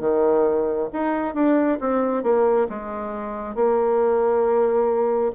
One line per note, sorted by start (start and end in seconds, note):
0.00 0.88 D#3
0.93 1.34 D#4
1.34 1.78 D4
1.80 2.23 C4
2.23 2.67 A#3
2.70 3.55 G#3
3.55 5.31 A#3